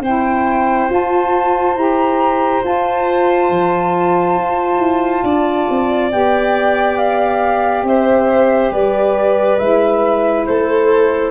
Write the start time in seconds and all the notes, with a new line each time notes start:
0.00 C4 E4 C5 G5
0.88 F4 A5
1.75 E4 G4 A#5
2.62 F4 A5
3.49 F3
4.36 F4
4.78 E4
5.23 D4 D5
5.69 C4
6.11 B3 G4 G5
6.97 F5
7.83 C4 C5 E5
8.70 G3 B4 D5
9.58 G#3 E4 E5
10.46 A3 A4 C5